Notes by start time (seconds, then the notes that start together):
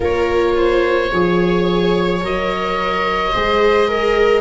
0.00 A#3 F4 A#4 C#5
0.57 C5
1.11 F3 G#4 C#5
2.21 F#3 A#4 D#5
3.32 G#3 G#4 C5
3.87 A#4